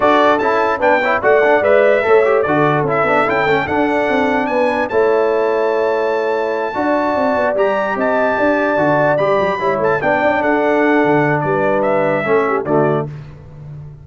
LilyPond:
<<
  \new Staff \with { instrumentName = "trumpet" } { \time 4/4 \tempo 4 = 147 d''4 a''4 g''4 fis''4 | e''2 d''4 e''4 | g''4 fis''2 gis''4 | a''1~ |
a''2~ a''8 ais''4 a''8~ | a''2~ a''8 b''4. | a''8 g''4 fis''2~ fis''8 | d''4 e''2 d''4 | }
  \new Staff \with { instrumentName = "horn" } { \time 4/4 a'2 b'8 cis''8 d''4~ | d''4 cis''4 a'2~ | a'2. b'4 | cis''1~ |
cis''8 d''2. dis''8~ | dis''8 d''2. cis''8~ | cis''8 d''4 a'2~ a'8 | b'2 a'8 g'8 fis'4 | }
  \new Staff \with { instrumentName = "trombone" } { \time 4/4 fis'4 e'4 d'8 e'8 fis'8 d'8 | b'4 a'8 g'8 fis'4 e'8 d'8 | e'8 cis'8 d'2. | e'1~ |
e'8 fis'2 g'4.~ | g'4. fis'4 g'4 e'8~ | e'8 d'2.~ d'8~ | d'2 cis'4 a4 | }
  \new Staff \with { instrumentName = "tuba" } { \time 4/4 d'4 cis'4 b4 a4 | gis4 a4 d4 cis'8 b8 | cis'8 a8 d'4 c'4 b4 | a1~ |
a8 d'4 c'8 b8 g4 c'8~ | c'8 d'4 d4 g8 fis8 g8 | a8 b8 cis'8 d'4. d4 | g2 a4 d4 | }
>>